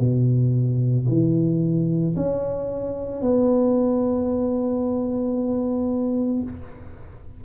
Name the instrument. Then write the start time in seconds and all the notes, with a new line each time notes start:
tuba
0.00 B2
1.08 E3
2.16 C#4
3.22 B3